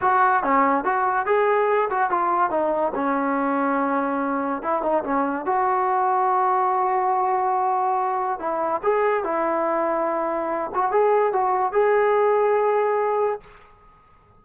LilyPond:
\new Staff \with { instrumentName = "trombone" } { \time 4/4 \tempo 4 = 143 fis'4 cis'4 fis'4 gis'4~ | gis'8 fis'8 f'4 dis'4 cis'4~ | cis'2. e'8 dis'8 | cis'4 fis'2.~ |
fis'1 | e'4 gis'4 e'2~ | e'4. fis'8 gis'4 fis'4 | gis'1 | }